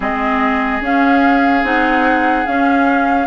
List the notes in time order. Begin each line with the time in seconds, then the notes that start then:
0.00 G#3 C4 G#4 D#5
0.80 C#4 F5
1.63 C4 D#4 F#5
2.46 C#4 F5